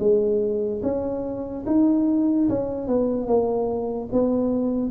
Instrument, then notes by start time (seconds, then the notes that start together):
tuba
0.00 G#3
0.83 C#4
1.67 D#4
2.50 C#4
2.88 B3
3.27 A#3
4.12 B3